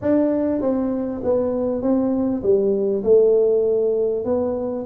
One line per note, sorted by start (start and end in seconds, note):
0.01 0.61 D4
0.61 1.21 C4
1.23 1.82 B3
1.82 2.42 C4
2.42 3.03 G3
3.03 4.25 A3
4.25 4.85 B3